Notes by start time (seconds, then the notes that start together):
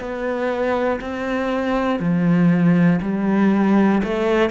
0.00 B3
1.01 C4
2.00 F3
3.02 G3
4.04 A3